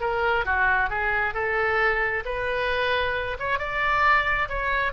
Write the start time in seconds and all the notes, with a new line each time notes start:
0.00 A#4
0.45 F#4
0.89 G#4
1.34 A4
2.25 B4
3.39 C#5
3.58 D5
4.49 C#5